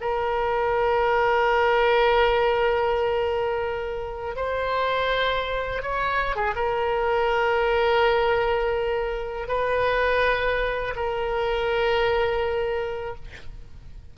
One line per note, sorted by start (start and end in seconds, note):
0.00 4.35 A#4
4.35 5.82 C5
5.82 6.36 C#5
6.36 6.54 G#4
6.55 9.47 A#4
9.47 10.94 B4
10.95 13.15 A#4